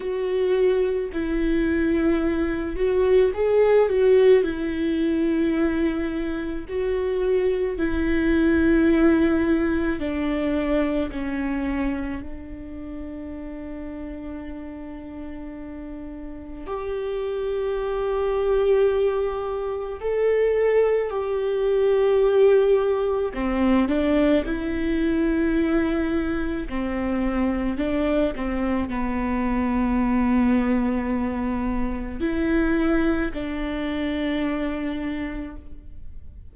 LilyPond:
\new Staff \with { instrumentName = "viola" } { \time 4/4 \tempo 4 = 54 fis'4 e'4. fis'8 gis'8 fis'8 | e'2 fis'4 e'4~ | e'4 d'4 cis'4 d'4~ | d'2. g'4~ |
g'2 a'4 g'4~ | g'4 c'8 d'8 e'2 | c'4 d'8 c'8 b2~ | b4 e'4 d'2 | }